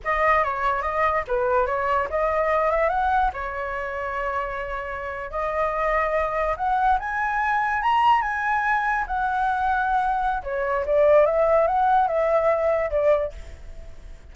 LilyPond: \new Staff \with { instrumentName = "flute" } { \time 4/4 \tempo 4 = 144 dis''4 cis''4 dis''4 b'4 | cis''4 dis''4. e''8 fis''4 | cis''1~ | cis''8. dis''2. fis''16~ |
fis''8. gis''2 ais''4 gis''16~ | gis''4.~ gis''16 fis''2~ fis''16~ | fis''4 cis''4 d''4 e''4 | fis''4 e''2 d''4 | }